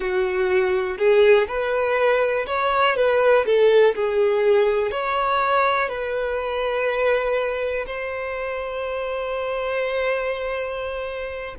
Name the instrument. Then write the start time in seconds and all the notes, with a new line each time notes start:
violin
0.00 F#4
0.98 G#4
1.47 B4
2.46 C#5
2.96 B4
3.45 A4
3.95 G#4
4.91 C#5
5.88 B4
7.86 C5